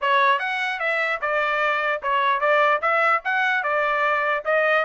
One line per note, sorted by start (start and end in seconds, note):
0.01 0.39 C#5
0.39 0.79 F#5
0.79 1.20 E5
1.21 2.01 D5
2.02 2.40 C#5
2.40 2.80 D5
2.81 3.22 E5
3.24 3.63 F#5
3.63 4.43 D5
4.44 4.85 D#5